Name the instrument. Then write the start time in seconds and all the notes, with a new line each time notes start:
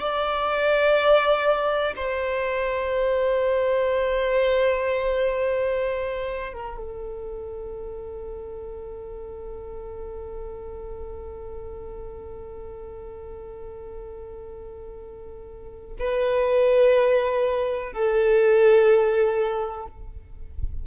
violin
0.00 D5
1.96 C5
6.53 A#4
6.77 A4
15.99 B4
17.93 A4